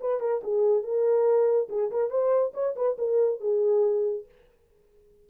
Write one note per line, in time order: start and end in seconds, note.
0.00 0.20 B4
0.20 0.41 A#4
0.44 0.83 G#4
0.83 1.68 A#4
1.69 1.91 G#4
1.91 2.10 A#4
2.10 2.53 C5
2.54 2.75 C#5
2.76 2.97 B4
2.98 3.40 A#4
3.40 4.25 G#4